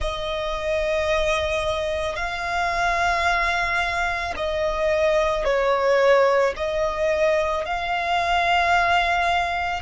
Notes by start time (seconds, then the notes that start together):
0.00 D#5
2.15 F5
4.36 D#5
5.44 C#5
6.56 D#5
7.65 F5